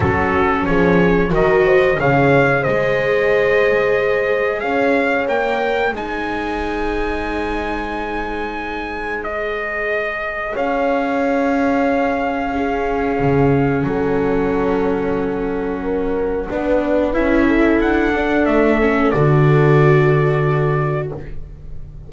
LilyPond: <<
  \new Staff \with { instrumentName = "trumpet" } { \time 4/4 \tempo 4 = 91 a'4 cis''4 dis''4 f''4 | dis''2. f''4 | g''4 gis''2.~ | gis''2 dis''2 |
f''1~ | f''4 fis''2.~ | fis''2 e''4 fis''4 | e''4 d''2. | }
  \new Staff \with { instrumentName = "horn" } { \time 4/4 fis'4 gis'4 ais'8 c''8 cis''4 | c''2. cis''4~ | cis''4 c''2.~ | c''1 |
cis''2. gis'4~ | gis'4 a'2. | ais'4 b'4. a'4.~ | a'1 | }
  \new Staff \with { instrumentName = "viola" } { \time 4/4 cis'2 fis'4 gis'4~ | gis'1 | ais'4 dis'2.~ | dis'2 gis'2~ |
gis'2. cis'4~ | cis'1~ | cis'4 d'4 e'4. d'8~ | d'8 cis'8 fis'2. | }
  \new Staff \with { instrumentName = "double bass" } { \time 4/4 fis4 f4 dis4 cis4 | gis2. cis'4 | ais4 gis2.~ | gis1 |
cis'1 | cis4 fis2.~ | fis4 b4 cis'4 d'4 | a4 d2. | }
>>